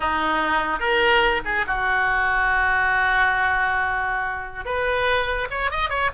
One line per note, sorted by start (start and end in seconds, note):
0.00 0.79 D#4
0.79 1.41 A#4
1.44 1.65 G#4
1.66 4.65 F#4
4.65 5.48 B4
5.50 5.70 C#5
5.70 5.89 D#5
5.89 6.10 C#5